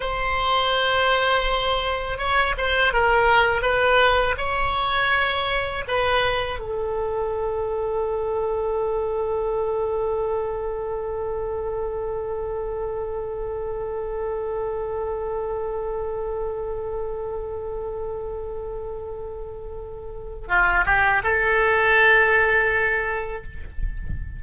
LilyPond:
\new Staff \with { instrumentName = "oboe" } { \time 4/4 \tempo 4 = 82 c''2. cis''8 c''8 | ais'4 b'4 cis''2 | b'4 a'2.~ | a'1~ |
a'1~ | a'1~ | a'1 | f'8 g'8 a'2. | }